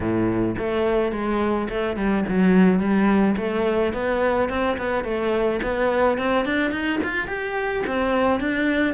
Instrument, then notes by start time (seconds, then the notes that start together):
cello
0.00 A2
0.58 A3
1.12 G#3
1.69 A3
1.96 G3
2.28 F#3
2.79 G3
3.36 A3
3.93 B3
4.49 C4
4.77 B3
5.04 A3
5.63 B3
6.18 C4
6.45 D4
6.71 D#4
7.03 F4
7.27 G4
7.86 C4
8.40 D4